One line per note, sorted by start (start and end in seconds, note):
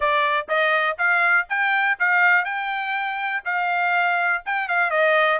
0.00 0.47 D5
0.48 0.97 D#5
0.98 1.47 F5
1.49 1.98 G5
1.99 2.45 F5
2.45 3.43 G5
3.44 4.43 F5
4.45 4.68 G5
4.68 4.90 F5
4.90 5.39 D#5